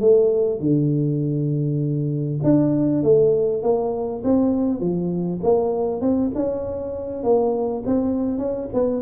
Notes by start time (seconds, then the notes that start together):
0.00 A3
0.60 D3
2.44 D4
3.03 A3
3.63 A#3
4.24 C4
4.80 F3
5.43 A#3
6.01 C4
6.35 C#4
7.23 A#3
7.86 C4
8.38 C#4
8.74 B3